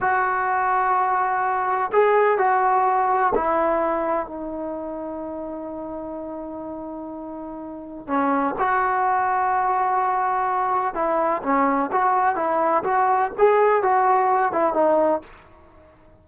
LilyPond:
\new Staff \with { instrumentName = "trombone" } { \time 4/4 \tempo 4 = 126 fis'1 | gis'4 fis'2 e'4~ | e'4 dis'2.~ | dis'1~ |
dis'4 cis'4 fis'2~ | fis'2. e'4 | cis'4 fis'4 e'4 fis'4 | gis'4 fis'4. e'8 dis'4 | }